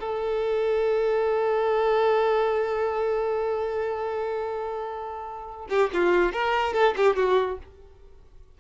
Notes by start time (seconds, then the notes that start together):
0.00 A4
5.69 G4
5.93 F4
6.33 A#4
6.73 A4
6.97 G4
7.16 F#4